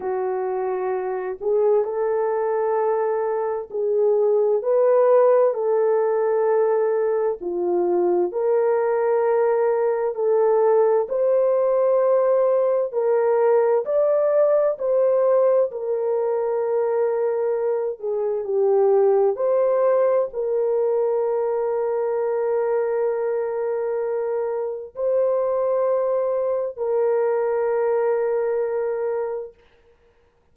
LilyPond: \new Staff \with { instrumentName = "horn" } { \time 4/4 \tempo 4 = 65 fis'4. gis'8 a'2 | gis'4 b'4 a'2 | f'4 ais'2 a'4 | c''2 ais'4 d''4 |
c''4 ais'2~ ais'8 gis'8 | g'4 c''4 ais'2~ | ais'2. c''4~ | c''4 ais'2. | }